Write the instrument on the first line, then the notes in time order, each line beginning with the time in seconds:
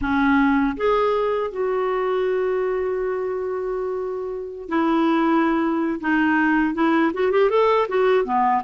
clarinet
0.01 C#4
0.76 G#4
1.51 F#4
4.68 E4
6.00 D#4
6.74 E4
7.13 F#4
7.31 G4
7.50 A4
7.88 F#4
8.24 B3